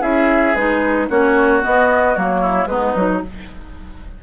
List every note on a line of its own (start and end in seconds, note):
0.00 0.54 C#4
0.00 0.54 E4
0.00 1.06 G#4
0.00 0.55 E5
0.55 1.08 G#3
0.55 1.09 D#4
0.55 1.08 B4
1.09 1.62 A#3
1.09 1.61 C#4
1.09 2.41 F#4
1.09 1.63 C#5
1.61 2.14 B3
1.61 2.16 B3
1.61 2.16 D#5
2.15 2.65 F#3
2.15 2.68 A#3
2.15 2.66 C#5
2.41 2.67 E4
2.65 2.92 G#3
2.65 2.96 B3
2.65 3.23 D#4
2.65 3.20 B4
2.95 3.22 F#3
2.95 3.22 D#4